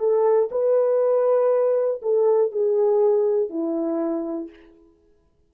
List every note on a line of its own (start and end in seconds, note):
0.00 0.50 A4
0.52 2.02 B4
2.02 2.52 A4
2.52 3.50 G#4
3.50 4.50 E4